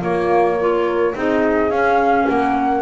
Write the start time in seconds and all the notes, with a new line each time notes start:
0.00 A#3 F4 C#5
0.59 F4 A#4
1.14 C4 D#4 G#4 D#5
1.70 C#4 F5
2.28 A#3 A#4 F#5